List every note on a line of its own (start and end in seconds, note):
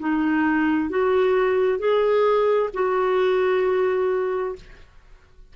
0.00 0.90 D#4
0.90 1.79 F#4
1.79 2.70 G#4
2.74 4.56 F#4